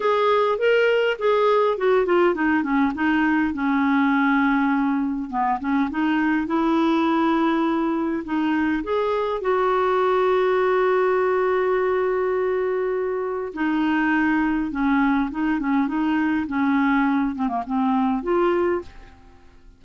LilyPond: \new Staff \with { instrumentName = "clarinet" } { \time 4/4 \tempo 4 = 102 gis'4 ais'4 gis'4 fis'8 f'8 | dis'8 cis'8 dis'4 cis'2~ | cis'4 b8 cis'8 dis'4 e'4~ | e'2 dis'4 gis'4 |
fis'1~ | fis'2. dis'4~ | dis'4 cis'4 dis'8 cis'8 dis'4 | cis'4. c'16 ais16 c'4 f'4 | }